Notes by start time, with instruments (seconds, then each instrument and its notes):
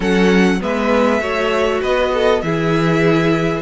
0.00 cello F#3, viola C#4, violin A4 F#5
0.60 cello G#3, viola B3, violin B4 E5
1.20 cello A3, viola F#4, violin C#5
1.81 cello B3, violin B4 D#5
2.13 violin A4
2.41 cello E3, viola E4, violin G#4 E5